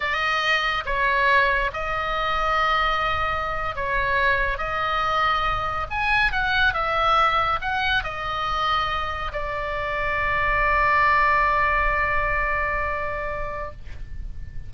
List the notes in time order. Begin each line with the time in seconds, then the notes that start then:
0.00 D#5
0.85 C#5
1.73 D#5
3.75 C#5
4.58 D#5
5.90 G#5
6.32 F#5
6.73 E5
7.61 F#5
8.03 D#5
9.32 D5